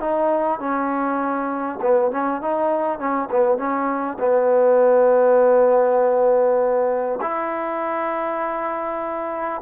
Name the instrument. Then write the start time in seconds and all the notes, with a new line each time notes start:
trombone
0.00 D#4
0.59 C#4
1.81 B3
2.11 C#4
2.41 D#4
2.99 C#4
3.31 B3
3.58 C#4
4.19 B3
7.21 E4